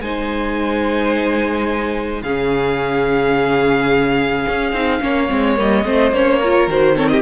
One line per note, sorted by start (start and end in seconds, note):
0.00 2.22 G#3
0.00 2.24 D#4
0.00 2.22 C5
0.00 2.22 G#5
2.22 4.45 C#3
2.22 4.74 C#4
2.22 5.00 G#4
2.22 5.56 F5
4.48 4.72 C#4
4.72 5.00 C4
4.72 5.01 D#4
5.01 5.30 A#3
5.01 5.28 C#4
5.01 5.85 C#5
5.28 5.58 G#3
5.28 5.56 C4
5.56 5.84 G3
5.56 5.84 A#3
5.56 6.13 D#5
5.84 6.11 A3
5.84 6.13 C4
5.84 6.39 C5
6.11 6.67 A#3
6.11 6.42 C#4
6.11 6.69 C#5
6.39 6.70 F4
6.39 6.95 A#4
6.67 7.21 D#3
6.67 6.96 F#4
6.67 6.97 C5
6.96 7.21 C4
6.96 7.10 A4
6.96 7.08 C#5
7.08 7.21 G4
7.08 7.21 D#5